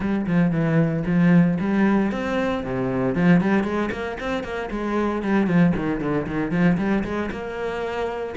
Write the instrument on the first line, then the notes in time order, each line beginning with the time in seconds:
cello
0.00 G3
0.26 F3
0.51 E3
1.06 F3
1.60 G3
2.11 C4
2.63 C3
3.15 F3
3.40 G3
3.63 G#3
3.91 A#3
4.20 C4
4.43 A#3
4.70 G#3
5.22 G3
5.46 F3
5.75 D#3
6.00 D3
6.26 D#3
6.51 F3
6.77 G3
7.04 G#3
7.31 A#3